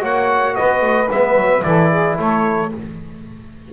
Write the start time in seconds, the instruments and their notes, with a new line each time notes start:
0.00 double bass A#3, trombone F#4, saxophone C#5, trumpet F#5
0.55 double bass B3, saxophone B4, trumpet D#5
0.81 double bass A3
1.11 double bass G#3, trombone B3, trumpet E5
1.36 double bass F#3
1.62 double bass E3, trombone E4, saxophone A4, trumpet D5
1.90 saxophone G#4
2.19 double bass A3, saxophone A4, trumpet C#5